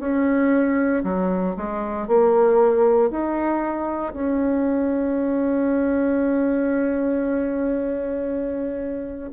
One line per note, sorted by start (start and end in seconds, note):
0.00 1.03 C#4
1.04 1.56 F#3
1.57 2.08 G#3
2.08 3.11 A#3
3.11 4.13 D#4
4.13 9.31 C#4